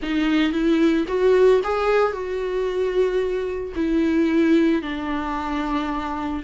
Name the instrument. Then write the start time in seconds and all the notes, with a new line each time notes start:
viola
0.02 D#4
0.52 E4
1.07 F#4
1.63 G#4
2.12 F#4
3.75 E4
4.82 D4